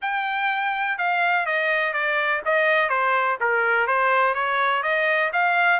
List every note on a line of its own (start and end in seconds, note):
0.01 0.97 G5
0.97 1.46 F5
1.46 1.93 D#5
1.93 2.41 D5
2.45 2.89 D#5
2.89 3.37 C5
3.40 3.87 A#4
3.87 4.34 C5
4.34 4.82 C#5
4.83 5.31 D#5
5.32 5.80 F5